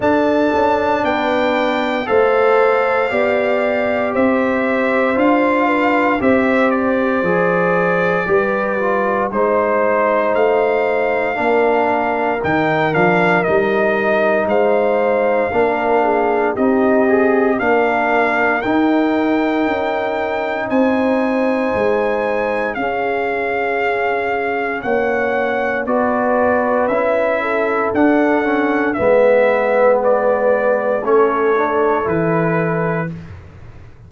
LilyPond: <<
  \new Staff \with { instrumentName = "trumpet" } { \time 4/4 \tempo 4 = 58 a''4 g''4 f''2 | e''4 f''4 e''8 d''4.~ | d''4 c''4 f''2 | g''8 f''8 dis''4 f''2 |
dis''4 f''4 g''2 | gis''2 f''2 | fis''4 d''4 e''4 fis''4 | e''4 d''4 cis''4 b'4 | }
  \new Staff \with { instrumentName = "horn" } { \time 4/4 a'4 b'4 c''4 d''4 | c''4. b'8 c''2 | b'4 c''2 ais'4~ | ais'2 c''4 ais'8 gis'8 |
g'4 ais'2. | c''2 gis'2 | cis''4 b'4. a'4. | b'2 a'2 | }
  \new Staff \with { instrumentName = "trombone" } { \time 4/4 d'2 a'4 g'4~ | g'4 f'4 g'4 gis'4 | g'8 f'8 dis'2 d'4 | dis'8 d'8 dis'2 d'4 |
dis'8 gis'8 d'4 dis'2~ | dis'2 cis'2~ | cis'4 fis'4 e'4 d'8 cis'8 | b2 cis'8 d'8 e'4 | }
  \new Staff \with { instrumentName = "tuba" } { \time 4/4 d'8 cis'8 b4 a4 b4 | c'4 d'4 c'4 f4 | g4 gis4 a4 ais4 | dis8 f8 g4 gis4 ais4 |
c'4 ais4 dis'4 cis'4 | c'4 gis4 cis'2 | ais4 b4 cis'4 d'4 | gis2 a4 e4 | }
>>